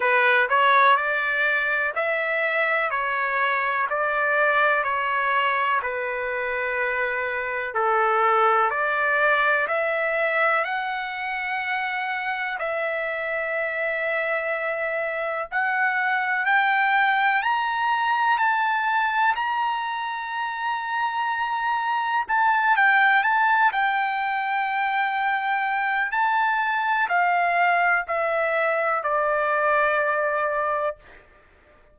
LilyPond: \new Staff \with { instrumentName = "trumpet" } { \time 4/4 \tempo 4 = 62 b'8 cis''8 d''4 e''4 cis''4 | d''4 cis''4 b'2 | a'4 d''4 e''4 fis''4~ | fis''4 e''2. |
fis''4 g''4 ais''4 a''4 | ais''2. a''8 g''8 | a''8 g''2~ g''8 a''4 | f''4 e''4 d''2 | }